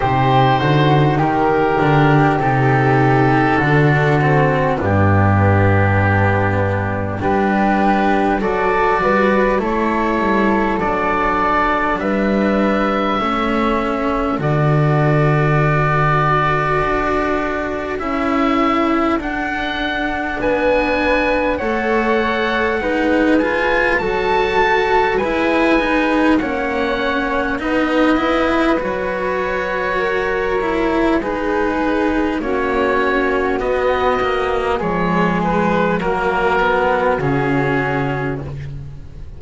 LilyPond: <<
  \new Staff \with { instrumentName = "oboe" } { \time 4/4 \tempo 4 = 50 c''4 ais'4 a'2 | g'2 b'4 d''4 | cis''4 d''4 e''2 | d''2. e''4 |
fis''4 gis''4 fis''4. gis''8 | a''4 gis''4 fis''4 dis''4 | cis''2 b'4 cis''4 | dis''4 cis''8 b'8 ais'4 gis'4 | }
  \new Staff \with { instrumentName = "flute" } { \time 4/4 g'8 fis'8 g'2 fis'4 | d'2 g'4 a'8 b'8 | a'2 b'4 a'4~ | a'1~ |
a'4 b'4 cis''4 b'4 | a'4 b'4 cis''4 b'4~ | b'4 ais'4 gis'4 fis'4~ | fis'4 gis'4 fis'2 | }
  \new Staff \with { instrumentName = "cello" } { \time 4/4 dis'4. d'8 dis'4 d'8 c'8 | b2 d'4 fis'4 | e'4 d'2 cis'4 | fis'2. e'4 |
d'2 a'4 dis'8 f'8 | fis'4 e'8 dis'8 cis'4 dis'8 e'8 | fis'4. e'8 dis'4 cis'4 | b8 ais8 gis4 ais8 b8 cis'4 | }
  \new Staff \with { instrumentName = "double bass" } { \time 4/4 c8 d8 dis8 d8 c4 d4 | g,2 g4 fis8 g8 | a8 g8 fis4 g4 a4 | d2 d'4 cis'4 |
d'4 b4 a4 gis4 | fis4 gis4 ais4 b4 | fis2 gis4 ais4 | b4 f4 fis4 cis4 | }
>>